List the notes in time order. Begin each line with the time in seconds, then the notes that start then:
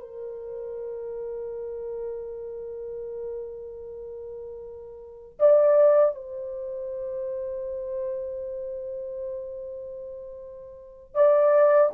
0.00 A#4
5.39 D5
6.15 C5
11.15 D5